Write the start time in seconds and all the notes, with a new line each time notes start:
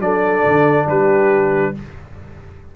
0.00 F#3 D4 A4 D5
0.45 D3
0.86 G3 G4 B4